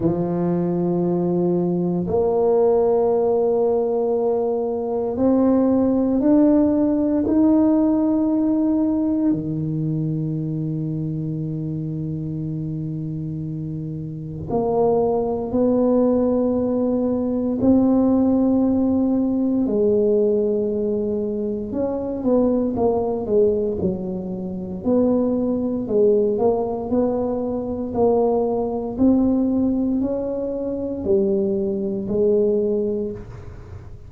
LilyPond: \new Staff \with { instrumentName = "tuba" } { \time 4/4 \tempo 4 = 58 f2 ais2~ | ais4 c'4 d'4 dis'4~ | dis'4 dis2.~ | dis2 ais4 b4~ |
b4 c'2 gis4~ | gis4 cis'8 b8 ais8 gis8 fis4 | b4 gis8 ais8 b4 ais4 | c'4 cis'4 g4 gis4 | }